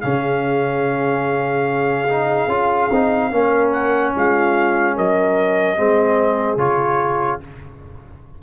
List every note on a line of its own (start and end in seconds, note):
0.00 2.46 C#3
0.00 2.08 C#4
0.00 3.32 G#4
0.00 3.70 F5
2.08 2.49 D#4
2.46 2.87 C#4
2.46 2.90 F4
2.91 3.31 C4
2.91 3.31 D#4
3.31 4.13 A#3
3.31 5.76 C#4
3.31 4.15 A#4
3.71 4.12 F#5
4.15 4.97 G#3
4.15 4.95 F4
4.15 4.97 F5
4.95 5.77 F#3
4.95 5.77 A#4
4.95 6.58 D#5
5.76 6.56 G#3
5.76 6.58 C4
5.76 7.42 G#4
6.56 7.38 C#3
6.56 7.40 F4
6.56 7.40 C#5